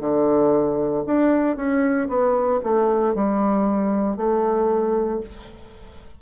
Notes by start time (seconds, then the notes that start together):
0.00 D3
1.06 D4
1.56 C#4
2.08 B3
2.63 A3
3.15 G3
4.17 A3